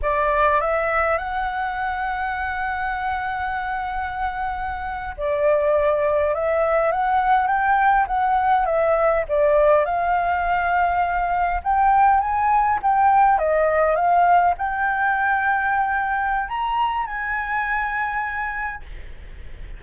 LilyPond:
\new Staff \with { instrumentName = "flute" } { \time 4/4 \tempo 4 = 102 d''4 e''4 fis''2~ | fis''1~ | fis''8. d''2 e''4 fis''16~ | fis''8. g''4 fis''4 e''4 d''16~ |
d''8. f''2. g''16~ | g''8. gis''4 g''4 dis''4 f''16~ | f''8. g''2.~ g''16 | ais''4 gis''2. | }